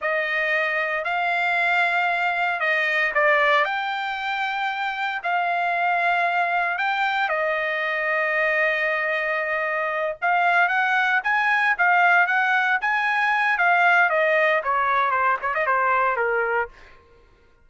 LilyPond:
\new Staff \with { instrumentName = "trumpet" } { \time 4/4 \tempo 4 = 115 dis''2 f''2~ | f''4 dis''4 d''4 g''4~ | g''2 f''2~ | f''4 g''4 dis''2~ |
dis''2.~ dis''8 f''8~ | f''8 fis''4 gis''4 f''4 fis''8~ | fis''8 gis''4. f''4 dis''4 | cis''4 c''8 cis''16 dis''16 c''4 ais'4 | }